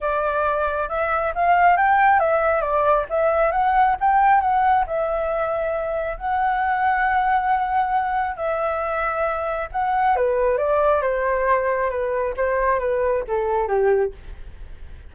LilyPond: \new Staff \with { instrumentName = "flute" } { \time 4/4 \tempo 4 = 136 d''2 e''4 f''4 | g''4 e''4 d''4 e''4 | fis''4 g''4 fis''4 e''4~ | e''2 fis''2~ |
fis''2. e''4~ | e''2 fis''4 b'4 | d''4 c''2 b'4 | c''4 b'4 a'4 g'4 | }